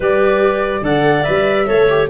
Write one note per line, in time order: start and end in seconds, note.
0.00 0.81 G3
0.00 0.83 G4
0.00 0.82 B4
0.00 0.85 D5
0.81 1.23 D3
0.81 1.25 A4
0.81 1.66 D5
0.81 1.23 F#5
1.23 1.70 G3
1.23 1.66 B4
1.23 2.07 E5
1.66 2.09 A3
1.66 1.87 A4
1.66 2.08 C#5
1.89 2.09 G4